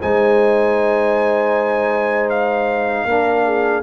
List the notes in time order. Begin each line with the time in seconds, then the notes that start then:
0.00 G#3 D#4 C5 G#5
2.29 F5
3.05 A#3 D4 A#4
3.46 G#4